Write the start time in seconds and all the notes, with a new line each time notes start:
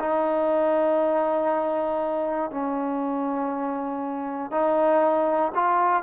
0.00 D#4
2.51 C#4
4.51 D#4
5.55 F4